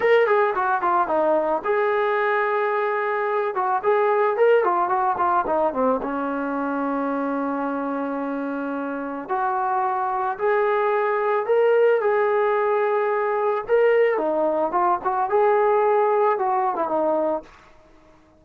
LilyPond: \new Staff \with { instrumentName = "trombone" } { \time 4/4 \tempo 4 = 110 ais'8 gis'8 fis'8 f'8 dis'4 gis'4~ | gis'2~ gis'8 fis'8 gis'4 | ais'8 f'8 fis'8 f'8 dis'8 c'8 cis'4~ | cis'1~ |
cis'4 fis'2 gis'4~ | gis'4 ais'4 gis'2~ | gis'4 ais'4 dis'4 f'8 fis'8 | gis'2 fis'8. e'16 dis'4 | }